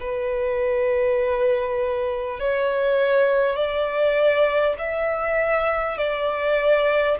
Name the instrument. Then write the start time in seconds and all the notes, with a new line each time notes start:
violin
0.00 B4
2.39 C#5
3.56 D5
4.78 E5
5.97 D5